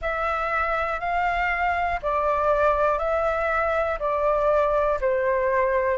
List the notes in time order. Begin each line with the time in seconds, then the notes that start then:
0.01 E5
1.00 F5
2.02 D5
2.98 E5
3.99 D5
5.00 C5